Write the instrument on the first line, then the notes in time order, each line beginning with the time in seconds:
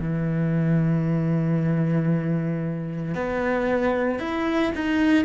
cello
0.00 E3
3.15 B3
4.20 E4
4.75 D#4